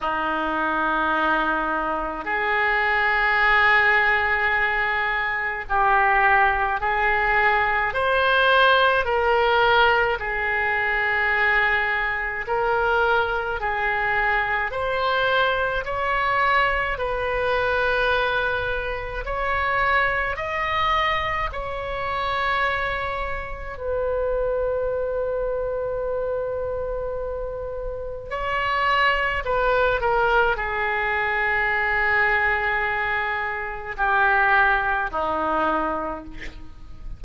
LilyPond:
\new Staff \with { instrumentName = "oboe" } { \time 4/4 \tempo 4 = 53 dis'2 gis'2~ | gis'4 g'4 gis'4 c''4 | ais'4 gis'2 ais'4 | gis'4 c''4 cis''4 b'4~ |
b'4 cis''4 dis''4 cis''4~ | cis''4 b'2.~ | b'4 cis''4 b'8 ais'8 gis'4~ | gis'2 g'4 dis'4 | }